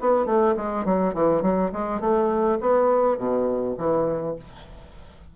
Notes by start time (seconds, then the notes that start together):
0.00 B3
0.25 A3
0.56 G#3
0.85 F#3
1.14 E3
1.42 F#3
1.72 G#3
2.00 A3
2.60 B3
3.17 B2
3.77 E3